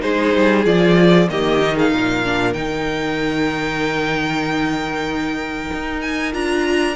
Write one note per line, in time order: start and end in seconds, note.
0.00 0.36 G#3
0.00 0.63 D#4
0.00 1.29 G#4
0.00 0.64 C5
0.36 0.65 G3
0.65 1.29 F3
0.65 1.28 F4
0.65 1.29 D5
1.29 1.93 D#3
1.29 1.61 A#3
1.29 1.76 G4
1.29 1.77 D#5
1.61 2.24 D#4
1.76 1.91 G#4
1.76 2.53 F5
1.91 2.55 A#2
1.91 6.96 A#4
2.24 2.54 D4
2.53 5.71 D#3
2.53 6.32 D#4
2.53 6.01 G5
5.73 6.34 D#4
6.01 6.33 G#5
6.32 6.96 D4
6.32 6.96 F4
6.32 6.96 A#5